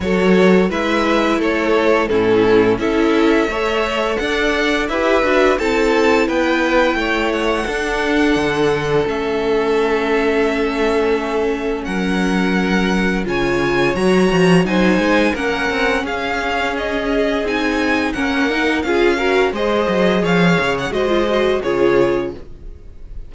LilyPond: <<
  \new Staff \with { instrumentName = "violin" } { \time 4/4 \tempo 4 = 86 cis''4 e''4 cis''4 a'4 | e''2 fis''4 e''4 | a''4 g''4. fis''4.~ | fis''4 e''2.~ |
e''4 fis''2 gis''4 | ais''4 gis''4 fis''4 f''4 | dis''4 gis''4 fis''4 f''4 | dis''4 f''8. fis''16 dis''4 cis''4 | }
  \new Staff \with { instrumentName = "violin" } { \time 4/4 a'4 b'4 a'4 e'4 | a'4 cis''4 d''4 b'4 | a'4 b'4 cis''4 a'4~ | a'1~ |
a'4 ais'2 cis''4~ | cis''4 c''4 ais'4 gis'4~ | gis'2 ais'4 gis'8 ais'8 | c''4 cis''4 c''4 gis'4 | }
  \new Staff \with { instrumentName = "viola" } { \time 4/4 fis'4 e'2 cis'4 | e'4 a'2 g'8 fis'8 | e'2. d'4~ | d'4 cis'2.~ |
cis'2. f'4 | fis'4 dis'4 cis'2~ | cis'4 dis'4 cis'8 dis'8 f'8 fis'8 | gis'2 fis'16 f'16 fis'8 f'4 | }
  \new Staff \with { instrumentName = "cello" } { \time 4/4 fis4 gis4 a4 a,4 | cis'4 a4 d'4 e'8 d'8 | c'4 b4 a4 d'4 | d4 a2.~ |
a4 fis2 cis4 | fis8 f8 fis8 gis8 ais8 c'8 cis'4~ | cis'4 c'4 ais4 cis'4 | gis8 fis8 f8 cis8 gis4 cis4 | }
>>